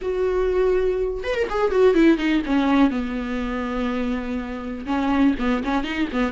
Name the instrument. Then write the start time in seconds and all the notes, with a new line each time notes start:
viola
0.01 F#4
1.23 B4
1.35 A#4
1.49 G#4
1.71 F#4
1.94 E4
2.17 D#4
2.46 C#4
2.90 B3
4.86 C#4
5.38 B3
5.64 C#4
5.83 D#4
6.12 B3